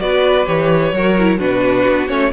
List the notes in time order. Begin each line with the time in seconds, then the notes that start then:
0.00 B3 F#4 B4 D5
0.46 E3 G4 C#5
0.92 F#3 F#4 A#4
1.19 E4
1.38 B2 D4 F#4 B4
1.88 B3
2.08 A3 C#4 C#5